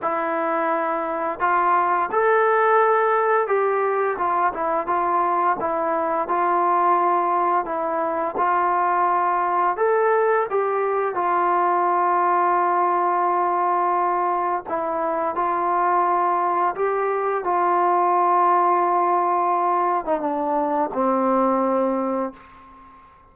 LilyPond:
\new Staff \with { instrumentName = "trombone" } { \time 4/4 \tempo 4 = 86 e'2 f'4 a'4~ | a'4 g'4 f'8 e'8 f'4 | e'4 f'2 e'4 | f'2 a'4 g'4 |
f'1~ | f'4 e'4 f'2 | g'4 f'2.~ | f'8. dis'16 d'4 c'2 | }